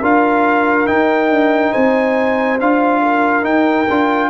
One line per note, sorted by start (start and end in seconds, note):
0.00 0.87 D4
0.00 0.86 F4
0.00 1.71 A#4
0.00 0.87 F5
0.86 2.58 D#4
0.86 1.30 D#4
0.86 1.72 G5
1.30 1.73 D4
1.72 2.60 C4
1.72 3.00 C5
1.72 2.58 G#5
2.60 3.44 D4
2.60 3.42 F4
2.60 3.45 F5
3.02 4.30 A#4
3.42 3.85 D#4
3.42 3.87 D#4
3.42 4.30 G5
3.89 4.30 D4
3.89 4.30 F4